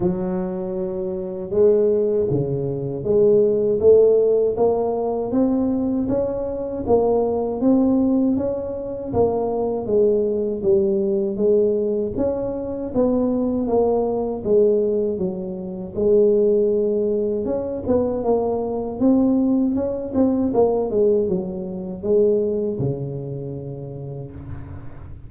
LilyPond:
\new Staff \with { instrumentName = "tuba" } { \time 4/4 \tempo 4 = 79 fis2 gis4 cis4 | gis4 a4 ais4 c'4 | cis'4 ais4 c'4 cis'4 | ais4 gis4 g4 gis4 |
cis'4 b4 ais4 gis4 | fis4 gis2 cis'8 b8 | ais4 c'4 cis'8 c'8 ais8 gis8 | fis4 gis4 cis2 | }